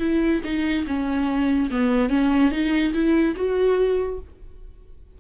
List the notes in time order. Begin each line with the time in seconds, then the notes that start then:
0.00 E4
0.45 D#4
0.87 C#4
1.71 B3
2.10 C#4
2.52 D#4
2.94 E4
3.36 F#4